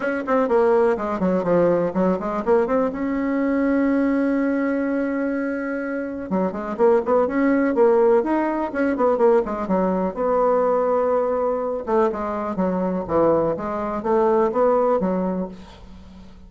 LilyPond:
\new Staff \with { instrumentName = "bassoon" } { \time 4/4 \tempo 4 = 124 cis'8 c'8 ais4 gis8 fis8 f4 | fis8 gis8 ais8 c'8 cis'2~ | cis'1~ | cis'4 fis8 gis8 ais8 b8 cis'4 |
ais4 dis'4 cis'8 b8 ais8 gis8 | fis4 b2.~ | b8 a8 gis4 fis4 e4 | gis4 a4 b4 fis4 | }